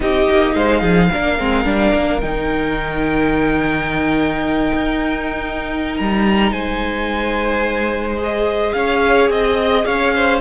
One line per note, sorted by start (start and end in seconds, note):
0.00 0.27 C4
0.00 1.11 D#4
0.00 0.55 G4
0.00 0.54 D#5
0.30 0.55 A#3
0.54 0.82 G#3
0.54 0.81 C5
0.54 2.20 F5
0.81 1.10 F3
0.81 1.08 G#4
1.12 1.39 A#3
1.12 1.38 D4
1.12 6.51 A#4
1.38 1.65 G#3
1.38 1.65 C4
1.65 1.92 G3
1.65 2.20 D4
1.94 2.22 A#3
2.20 4.72 D#3
2.20 8.17 D#4
2.20 5.95 G5
4.74 5.99 D#4
5.96 6.51 G3
5.96 6.52 A#5
6.51 8.73 G#3
6.51 8.74 C5
6.51 8.19 G#5
8.17 10.39 G#4
8.23 8.72 D#5
8.72 9.29 C#4
8.72 9.31 C#5
8.72 9.28 F5
9.29 9.84 C4
9.29 9.86 D#5
9.29 9.85 D#5
9.85 10.41 C#4
9.85 10.13 C#5
9.85 10.41 F5
10.15 10.41 C5